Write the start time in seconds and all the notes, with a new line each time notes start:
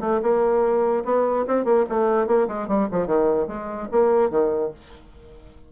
0.00 A3
0.22 A#3
1.04 B3
1.47 C4
1.64 A#3
1.89 A3
2.27 A#3
2.48 G#3
2.67 G3
2.91 F3
3.06 D#3
3.47 G#3
3.91 A#3
4.30 D#3